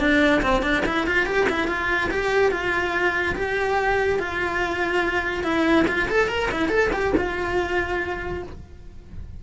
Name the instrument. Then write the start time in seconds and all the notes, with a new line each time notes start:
cello
0.00 D4
0.43 C4
0.63 D4
0.86 E4
1.07 F4
1.26 G4
1.50 E4
1.68 F4
2.11 G4
2.52 F4
3.36 G4
4.20 F4
5.44 E4
5.88 F4
6.09 A4
6.29 A#4
6.52 E4
6.69 A4
6.93 G4
7.17 F4